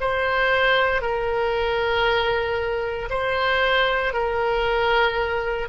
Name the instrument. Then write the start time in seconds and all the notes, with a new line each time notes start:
oboe
0.00 C5
1.02 A#4
3.10 C5
4.13 A#4